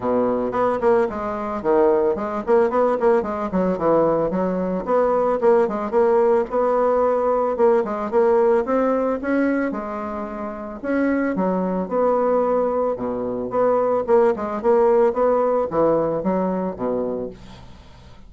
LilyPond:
\new Staff \with { instrumentName = "bassoon" } { \time 4/4 \tempo 4 = 111 b,4 b8 ais8 gis4 dis4 | gis8 ais8 b8 ais8 gis8 fis8 e4 | fis4 b4 ais8 gis8 ais4 | b2 ais8 gis8 ais4 |
c'4 cis'4 gis2 | cis'4 fis4 b2 | b,4 b4 ais8 gis8 ais4 | b4 e4 fis4 b,4 | }